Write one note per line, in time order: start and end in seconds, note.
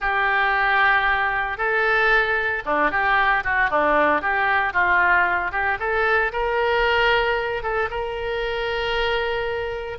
0.00 1.57 G4
1.57 2.62 A4
2.65 2.90 D4
2.90 3.43 G4
3.44 3.70 F#4
3.70 4.21 D4
4.21 4.73 G4
4.73 5.51 F4
5.51 5.78 G4
5.79 6.32 A4
6.32 7.62 A#4
7.62 7.89 A4
7.90 9.98 A#4